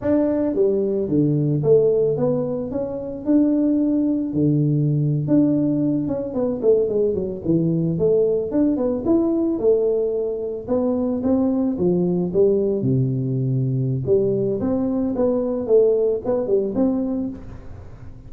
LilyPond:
\new Staff \with { instrumentName = "tuba" } { \time 4/4 \tempo 4 = 111 d'4 g4 d4 a4 | b4 cis'4 d'2 | d4.~ d16 d'4. cis'8 b16~ | b16 a8 gis8 fis8 e4 a4 d'16~ |
d'16 b8 e'4 a2 b16~ | b8. c'4 f4 g4 c16~ | c2 g4 c'4 | b4 a4 b8 g8 c'4 | }